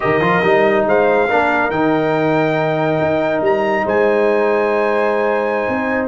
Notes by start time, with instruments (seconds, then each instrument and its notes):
0.00 tuba D#3, trombone G4, horn A#4, trumpet D#5
0.21 tuba F3, trombone F4
0.42 tuba G3, trombone D#4
0.86 tuba G#3, horn C5, trumpet F5
1.28 tuba A#3, trombone D4, horn A#4
1.69 tuba D#3, trombone D#4, trumpet G5
3.01 tuba D#4
3.41 tuba G3, trumpet A#5
3.85 tuba G#3, horn C5, trumpet G#5
5.68 tuba C4